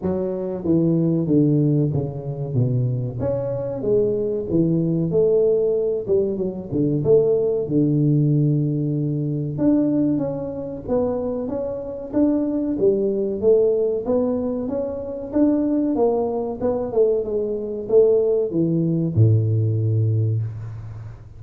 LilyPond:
\new Staff \with { instrumentName = "tuba" } { \time 4/4 \tempo 4 = 94 fis4 e4 d4 cis4 | b,4 cis'4 gis4 e4 | a4. g8 fis8 d8 a4 | d2. d'4 |
cis'4 b4 cis'4 d'4 | g4 a4 b4 cis'4 | d'4 ais4 b8 a8 gis4 | a4 e4 a,2 | }